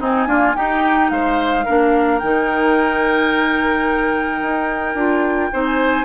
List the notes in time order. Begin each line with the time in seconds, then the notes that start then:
0.00 C4 D#4 G#5
0.26 A#3 D4 F4
0.54 D#4 G4 G5
1.10 G#3 C5 F5
1.65 A#3 D4 A#4
2.19 D#3 D#4 G5
4.42 D#4
4.94 D4 F4
5.52 C4 D#4 C5
5.65 G#5